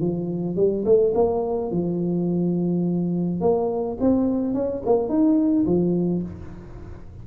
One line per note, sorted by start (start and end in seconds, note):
0.00 0.56 F3
0.56 0.84 G3
0.85 1.13 A3
1.14 1.71 A#3
1.71 3.41 F3
3.41 3.97 A#3
4.00 4.54 C4
4.54 4.82 C#4
4.86 5.09 A#3
5.09 5.65 D#4
5.66 6.22 F3